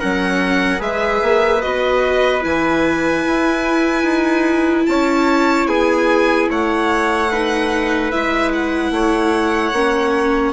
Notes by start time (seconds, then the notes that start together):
0.00 F#3 C#4 A#4 F#5
0.78 G#3 G#4 B4 E5
1.23 A#3
1.62 B3 F#4 D#5
2.42 E3 E4 G#5
3.27 E4
4.04 D#4
4.86 C#4 C#5 A5
5.67 B3 G#4 G#5
6.50 A3 C#5 F#5
7.32 D#4 B4
8.11 G#3 E4 E5
8.53 F#5
8.91 A3 C#5
9.73 A#3 C#4